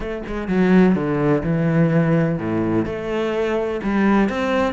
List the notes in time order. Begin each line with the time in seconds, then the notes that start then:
0.00 A3
0.26 G#3
0.48 F#3
0.95 D3
1.43 E3
2.38 A2
2.85 A3
3.83 G3
4.29 C4